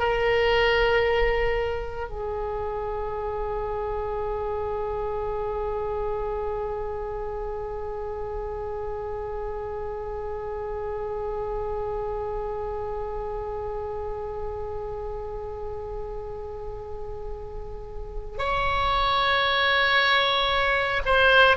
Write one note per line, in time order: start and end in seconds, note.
0.00 2.10 A#4
2.10 18.39 G#4
18.39 21.02 C#5
21.06 21.57 C5